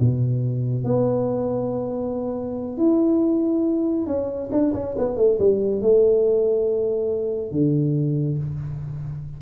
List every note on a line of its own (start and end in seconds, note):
0.00 0.84 B2
0.84 2.77 B3
2.77 4.07 E4
4.07 4.50 C#4
4.52 4.74 D4
4.74 4.96 C#4
4.98 5.17 B3
5.17 5.38 A3
5.39 5.81 G3
5.81 7.51 A3
7.51 8.38 D3